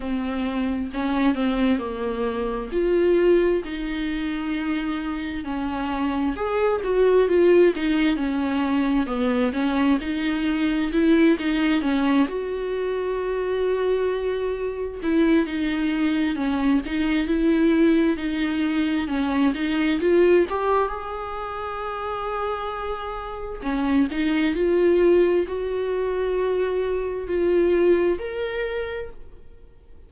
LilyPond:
\new Staff \with { instrumentName = "viola" } { \time 4/4 \tempo 4 = 66 c'4 cis'8 c'8 ais4 f'4 | dis'2 cis'4 gis'8 fis'8 | f'8 dis'8 cis'4 b8 cis'8 dis'4 | e'8 dis'8 cis'8 fis'2~ fis'8~ |
fis'8 e'8 dis'4 cis'8 dis'8 e'4 | dis'4 cis'8 dis'8 f'8 g'8 gis'4~ | gis'2 cis'8 dis'8 f'4 | fis'2 f'4 ais'4 | }